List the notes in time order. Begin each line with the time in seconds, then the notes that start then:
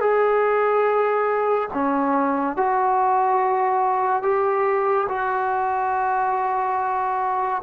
0.00 G#4
1.73 C#4
2.56 F#4
4.23 G4
5.08 F#4